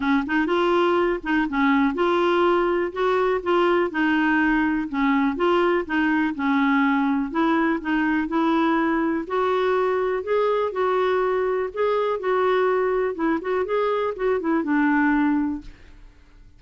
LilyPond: \new Staff \with { instrumentName = "clarinet" } { \time 4/4 \tempo 4 = 123 cis'8 dis'8 f'4. dis'8 cis'4 | f'2 fis'4 f'4 | dis'2 cis'4 f'4 | dis'4 cis'2 e'4 |
dis'4 e'2 fis'4~ | fis'4 gis'4 fis'2 | gis'4 fis'2 e'8 fis'8 | gis'4 fis'8 e'8 d'2 | }